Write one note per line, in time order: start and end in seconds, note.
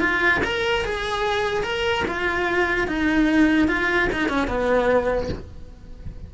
0.00 0.41 F4
0.44 0.85 A#4
0.85 1.63 G#4
1.63 2.04 A#4
2.08 2.87 F4
2.87 3.68 D#4
3.68 4.09 F4
4.12 4.29 D#4
4.29 4.47 C#4
4.47 5.29 B3